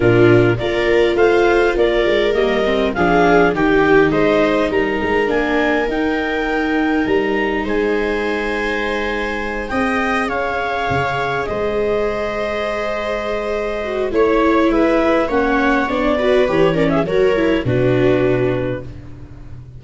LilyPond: <<
  \new Staff \with { instrumentName = "clarinet" } { \time 4/4 \tempo 4 = 102 ais'4 d''4 f''4 d''4 | dis''4 f''4 g''4 dis''4 | ais''4 gis''4 g''2 | ais''4 gis''2.~ |
gis''8 g''4 f''2 dis''8~ | dis''1 | cis''4 e''4 fis''4 d''4 | cis''8 d''16 e''16 cis''4 b'2 | }
  \new Staff \with { instrumentName = "viola" } { \time 4/4 f'4 ais'4 c''4 ais'4~ | ais'4 gis'4 g'4 c''4 | ais'1~ | ais'4 c''2.~ |
c''8 dis''4 cis''2 c''8~ | c''1 | cis''4 b'4 cis''4. b'8~ | b'8 ais'16 gis'16 ais'4 fis'2 | }
  \new Staff \with { instrumentName = "viola" } { \time 4/4 d'4 f'2. | ais8 c'8 d'4 dis'2~ | dis'4 d'4 dis'2~ | dis'1~ |
dis'8 gis'2.~ gis'8~ | gis'2.~ gis'8 fis'8 | e'2 cis'4 d'8 fis'8 | g'8 cis'8 fis'8 e'8 d'2 | }
  \new Staff \with { instrumentName = "tuba" } { \time 4/4 ais,4 ais4 a4 ais8 gis8 | g4 f4 dis4 gis4 | g8 gis8 ais4 dis'2 | g4 gis2.~ |
gis8 c'4 cis'4 cis4 gis8~ | gis1 | a4 gis4 ais4 b4 | e4 fis4 b,2 | }
>>